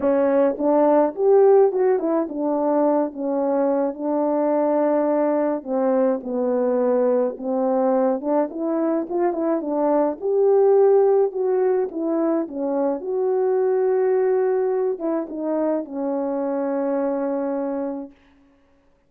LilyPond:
\new Staff \with { instrumentName = "horn" } { \time 4/4 \tempo 4 = 106 cis'4 d'4 g'4 fis'8 e'8 | d'4. cis'4. d'4~ | d'2 c'4 b4~ | b4 c'4. d'8 e'4 |
f'8 e'8 d'4 g'2 | fis'4 e'4 cis'4 fis'4~ | fis'2~ fis'8 e'8 dis'4 | cis'1 | }